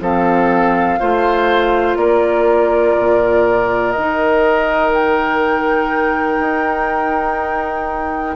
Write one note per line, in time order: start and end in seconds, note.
0.00 0.98 F3
0.00 0.99 C4
0.00 0.99 A4
0.00 1.97 F5
0.99 1.95 A3
0.99 3.94 F4
0.99 1.98 C5
1.95 2.94 A#3
1.95 8.35 A#4
1.95 3.91 D5
2.98 3.96 A#2
3.91 6.39 D#3
3.91 4.90 D#5
3.98 8.35 D#4
4.93 8.35 G5
6.39 8.35 D#4